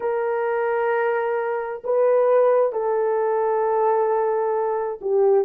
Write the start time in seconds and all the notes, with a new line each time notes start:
0.00 A#4
1.83 B4
2.72 A4
5.01 G4